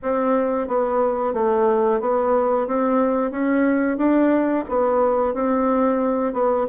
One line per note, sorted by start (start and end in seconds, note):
0.02 0.67 C4
0.67 1.33 B3
1.33 2.00 A3
2.00 2.67 B3
2.67 3.31 C4
3.31 3.97 C#4
3.97 4.64 D4
4.68 5.33 B3
5.33 6.33 C4
6.33 6.66 B3